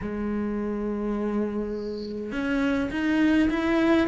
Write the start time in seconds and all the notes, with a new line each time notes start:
0.01 G#3
2.32 C#4
2.90 D#4
3.50 E4